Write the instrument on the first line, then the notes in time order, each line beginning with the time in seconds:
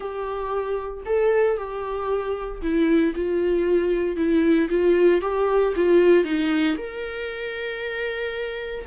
viola
0.00 G4
1.05 A4
1.57 G4
2.62 E4
3.15 F4
4.16 E4
4.69 F4
5.21 G4
5.76 F4
6.24 D#4
6.77 A#4